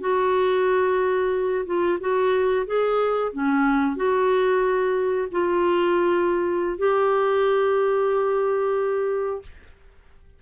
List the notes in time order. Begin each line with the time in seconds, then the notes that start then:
0.00 F#4
1.65 F4
2.00 F#4
2.66 G#4
3.32 C#4
3.96 F#4
5.31 F4
6.78 G4